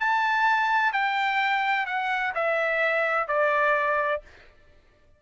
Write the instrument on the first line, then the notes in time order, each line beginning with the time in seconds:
trumpet
0.00 A5
0.93 G5
1.87 F#5
2.35 E5
3.28 D5